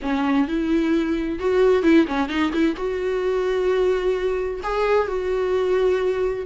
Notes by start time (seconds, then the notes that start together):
0.01 C#4
0.47 E4
1.39 F#4
1.83 E4
2.07 C#4
2.28 D#4
2.52 E4
2.76 F#4
4.63 G#4
5.07 F#4